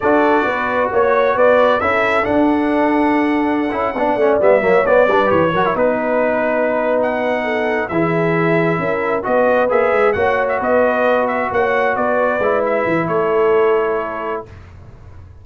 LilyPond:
<<
  \new Staff \with { instrumentName = "trumpet" } { \time 4/4 \tempo 4 = 133 d''2 cis''4 d''4 | e''4 fis''2.~ | fis''4.~ fis''16 e''4 d''4 cis''16~ | cis''8. b'2~ b'8. fis''8~ |
fis''4. e''2~ e''8~ | e''8 dis''4 e''4 fis''8. e''16 dis''8~ | dis''4 e''8 fis''4 d''4. | e''4 cis''2. | }
  \new Staff \with { instrumentName = "horn" } { \time 4/4 a'4 b'4 cis''4 b'4 | a'1~ | a'8. d''4. cis''4 b'8.~ | b'16 ais'8 b'2.~ b'16~ |
b'8 a'4 gis'2 ais'8~ | ais'8 b'2 cis''4 b'8~ | b'4. cis''4 b'4.~ | b'4 a'2. | }
  \new Staff \with { instrumentName = "trombone" } { \time 4/4 fis'1 | e'4 d'2.~ | d'16 e'8 d'8 cis'8 b8 ais8 b8 d'8 g'16~ | g'16 fis'16 e'16 dis'2.~ dis'16~ |
dis'4. e'2~ e'8~ | e'8 fis'4 gis'4 fis'4.~ | fis'2.~ fis'8 e'8~ | e'1 | }
  \new Staff \with { instrumentName = "tuba" } { \time 4/4 d'4 b4 ais4 b4 | cis'4 d'2.~ | d'16 cis'8 b8 a8 g8 fis8 b8 g8 e16~ | e16 fis8 b2.~ b16~ |
b4. e2 cis'8~ | cis'8 b4 ais8 gis8 ais4 b8~ | b4. ais4 b4 gis8~ | gis8 e8 a2. | }
>>